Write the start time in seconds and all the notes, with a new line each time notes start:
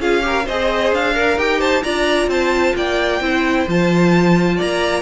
0.00 C#4 F4 G#4 F5
0.23 G4 A#4
0.46 C4 G#4 C5 D#5
0.93 D4 F5
1.15 A#4
1.38 D#4 G4 G5
1.61 C5 A5
1.84 D4 F4 D5 A#5
2.27 C4 C5 A5
2.76 A#3 D5 G5
3.21 C4 E4 C5
3.68 F3 F4 A5
4.57 A#3 D5 A#5